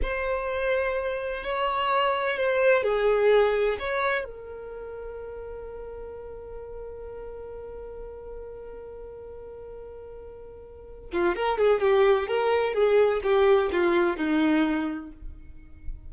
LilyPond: \new Staff \with { instrumentName = "violin" } { \time 4/4 \tempo 4 = 127 c''2. cis''4~ | cis''4 c''4 gis'2 | cis''4 ais'2.~ | ais'1~ |
ais'1~ | ais'2.~ ais'8 f'8 | ais'8 gis'8 g'4 ais'4 gis'4 | g'4 f'4 dis'2 | }